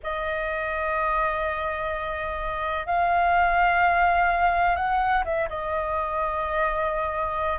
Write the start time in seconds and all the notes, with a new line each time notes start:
0.03 D#5
2.86 F5
4.76 F#5
5.24 E5
5.49 D#5